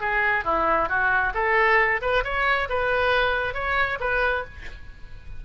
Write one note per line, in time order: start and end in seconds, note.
0.00 0.44 G#4
0.44 0.88 E4
0.88 1.33 F#4
1.34 2.00 A4
2.01 2.23 B4
2.24 2.68 C#5
2.69 3.54 B4
3.54 3.98 C#5
4.00 4.44 B4